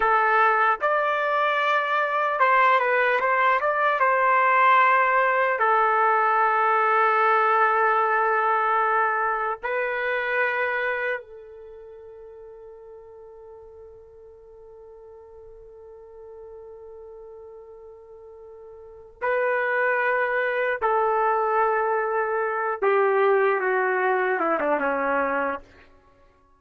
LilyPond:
\new Staff \with { instrumentName = "trumpet" } { \time 4/4 \tempo 4 = 75 a'4 d''2 c''8 b'8 | c''8 d''8 c''2 a'4~ | a'1 | b'2 a'2~ |
a'1~ | a'1 | b'2 a'2~ | a'8 g'4 fis'4 e'16 d'16 cis'4 | }